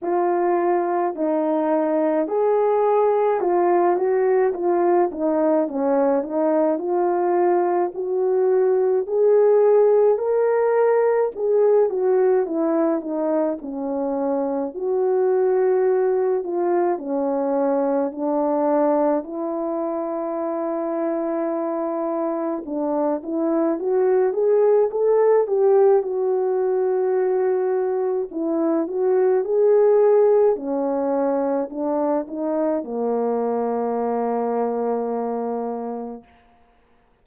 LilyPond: \new Staff \with { instrumentName = "horn" } { \time 4/4 \tempo 4 = 53 f'4 dis'4 gis'4 f'8 fis'8 | f'8 dis'8 cis'8 dis'8 f'4 fis'4 | gis'4 ais'4 gis'8 fis'8 e'8 dis'8 | cis'4 fis'4. f'8 cis'4 |
d'4 e'2. | d'8 e'8 fis'8 gis'8 a'8 g'8 fis'4~ | fis'4 e'8 fis'8 gis'4 cis'4 | d'8 dis'8 ais2. | }